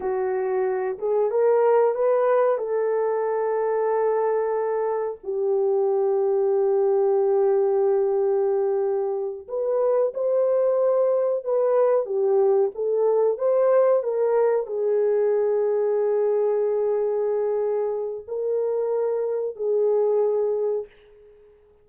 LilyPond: \new Staff \with { instrumentName = "horn" } { \time 4/4 \tempo 4 = 92 fis'4. gis'8 ais'4 b'4 | a'1 | g'1~ | g'2~ g'8 b'4 c''8~ |
c''4. b'4 g'4 a'8~ | a'8 c''4 ais'4 gis'4.~ | gis'1 | ais'2 gis'2 | }